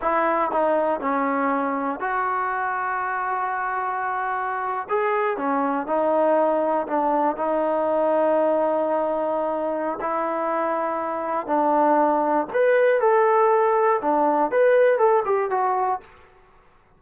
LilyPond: \new Staff \with { instrumentName = "trombone" } { \time 4/4 \tempo 4 = 120 e'4 dis'4 cis'2 | fis'1~ | fis'4.~ fis'16 gis'4 cis'4 dis'16~ | dis'4.~ dis'16 d'4 dis'4~ dis'16~ |
dis'1 | e'2. d'4~ | d'4 b'4 a'2 | d'4 b'4 a'8 g'8 fis'4 | }